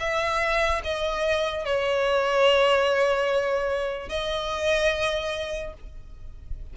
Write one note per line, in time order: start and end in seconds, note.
0.00 0.82 E5
0.84 1.65 D#5
1.65 4.09 C#5
4.09 5.73 D#5